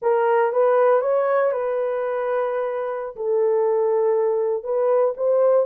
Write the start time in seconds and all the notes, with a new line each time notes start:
0.02 A#4
0.52 B4
1.01 C#5
1.51 B4
3.16 A4
4.63 B4
5.17 C5